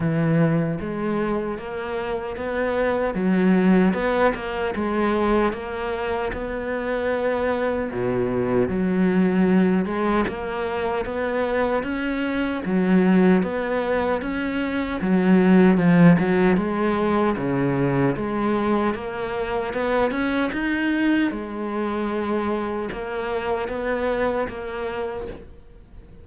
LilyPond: \new Staff \with { instrumentName = "cello" } { \time 4/4 \tempo 4 = 76 e4 gis4 ais4 b4 | fis4 b8 ais8 gis4 ais4 | b2 b,4 fis4~ | fis8 gis8 ais4 b4 cis'4 |
fis4 b4 cis'4 fis4 | f8 fis8 gis4 cis4 gis4 | ais4 b8 cis'8 dis'4 gis4~ | gis4 ais4 b4 ais4 | }